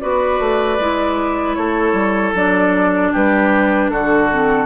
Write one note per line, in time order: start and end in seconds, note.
0.00 0.39 B3
0.00 0.78 F#4
0.00 1.57 B4
0.00 1.55 D5
0.39 0.78 A3
0.79 1.57 G#3
0.79 2.35 E4
1.55 1.93 A3
1.55 3.12 A4
1.55 2.33 C#5
1.93 2.32 G3
2.34 3.12 F#3
2.34 4.30 D4
2.34 3.13 D5
3.12 3.91 G3
3.12 3.90 G4
3.12 3.90 B4
3.90 4.66 D3
3.90 4.66 F#4
3.90 4.66 A4
4.31 4.66 C4